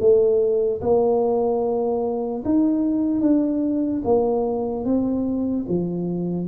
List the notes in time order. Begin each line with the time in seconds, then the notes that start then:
0.00 A3
0.81 A#3
2.45 D#4
3.21 D4
4.05 A#3
4.85 C4
5.69 F3